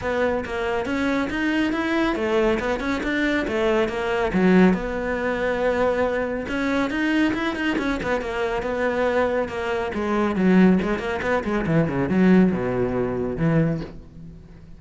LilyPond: \new Staff \with { instrumentName = "cello" } { \time 4/4 \tempo 4 = 139 b4 ais4 cis'4 dis'4 | e'4 a4 b8 cis'8 d'4 | a4 ais4 fis4 b4~ | b2. cis'4 |
dis'4 e'8 dis'8 cis'8 b8 ais4 | b2 ais4 gis4 | fis4 gis8 ais8 b8 gis8 e8 cis8 | fis4 b,2 e4 | }